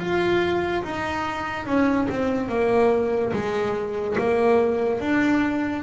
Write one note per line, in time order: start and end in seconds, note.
0.00 0.83 F4
0.84 1.66 D#4
1.66 2.08 C#4
2.10 2.49 C4
2.49 3.33 A#3
3.33 4.17 G#3
4.19 5.01 A#3
5.01 5.83 D4